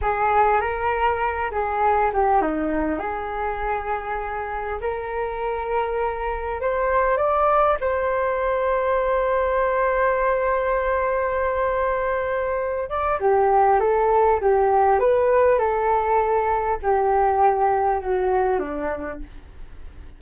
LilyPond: \new Staff \with { instrumentName = "flute" } { \time 4/4 \tempo 4 = 100 gis'4 ais'4. gis'4 g'8 | dis'4 gis'2. | ais'2. c''4 | d''4 c''2.~ |
c''1~ | c''4. d''8 g'4 a'4 | g'4 b'4 a'2 | g'2 fis'4 d'4 | }